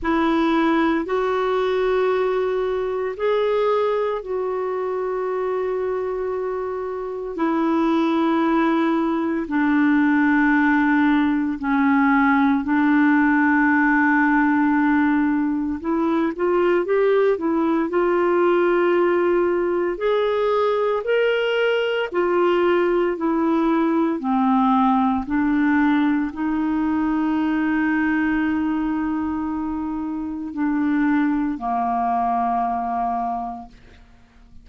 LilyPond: \new Staff \with { instrumentName = "clarinet" } { \time 4/4 \tempo 4 = 57 e'4 fis'2 gis'4 | fis'2. e'4~ | e'4 d'2 cis'4 | d'2. e'8 f'8 |
g'8 e'8 f'2 gis'4 | ais'4 f'4 e'4 c'4 | d'4 dis'2.~ | dis'4 d'4 ais2 | }